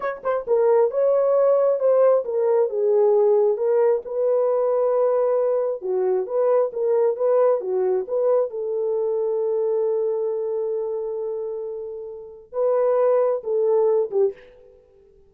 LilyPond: \new Staff \with { instrumentName = "horn" } { \time 4/4 \tempo 4 = 134 cis''8 c''8 ais'4 cis''2 | c''4 ais'4 gis'2 | ais'4 b'2.~ | b'4 fis'4 b'4 ais'4 |
b'4 fis'4 b'4 a'4~ | a'1~ | a'1 | b'2 a'4. g'8 | }